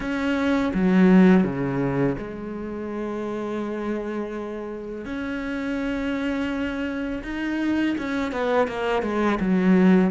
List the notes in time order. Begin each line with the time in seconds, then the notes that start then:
0.00 C#4
0.74 F#3
1.43 C#3
2.18 G#3
5.05 C#4
7.23 D#4
7.97 C#4
8.32 B3
8.67 A#3
9.02 G#3
9.40 F#3